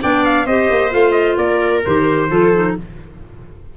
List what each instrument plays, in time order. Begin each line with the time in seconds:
0.00 tuba B3, clarinet D4, viola D5, trumpet G5
0.24 trumpet F5
0.45 tuba C4, clarinet G4, viola C5, trumpet D#5
0.70 tuba A#3
0.90 tuba A3, clarinet F4, trumpet F5
1.11 trumpet D#5
1.37 tuba A#3, viola A#4, trumpet D5
1.85 tuba D#3, clarinet G4, trumpet C5
2.29 tuba F3, clarinet F4, viola A4
2.53 clarinet D#4